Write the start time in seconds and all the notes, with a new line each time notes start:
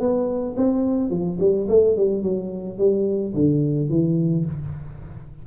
0.00 B3
0.57 C4
1.10 F3
1.40 G3
1.69 A3
1.97 G3
2.23 F#3
2.78 G3
3.34 D3
3.89 E3